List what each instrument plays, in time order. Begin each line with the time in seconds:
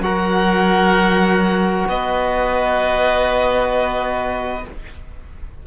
0.00 cello F#3, trombone F#4, oboe A#4, violin F#5
1.87 cello B3, oboe B4, violin D#5